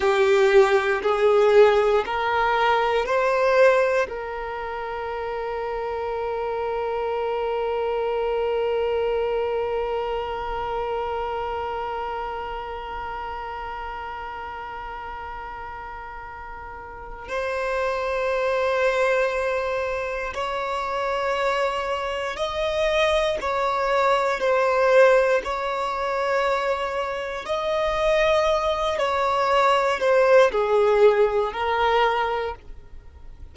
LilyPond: \new Staff \with { instrumentName = "violin" } { \time 4/4 \tempo 4 = 59 g'4 gis'4 ais'4 c''4 | ais'1~ | ais'1~ | ais'1~ |
ais'4 c''2. | cis''2 dis''4 cis''4 | c''4 cis''2 dis''4~ | dis''8 cis''4 c''8 gis'4 ais'4 | }